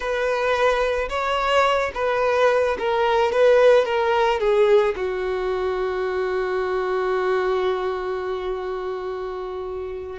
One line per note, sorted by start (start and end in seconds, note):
0.00 1.08 B4
1.09 1.91 C#5
1.94 2.77 B4
2.78 3.32 A#4
3.32 3.85 B4
3.85 4.39 A#4
4.39 4.94 G#4
4.96 10.19 F#4